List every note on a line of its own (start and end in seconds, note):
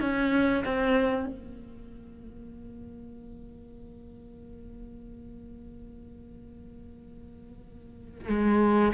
0.00 0.64 C#4
0.64 1.26 C4
1.26 8.28 A#3
8.29 8.92 G#3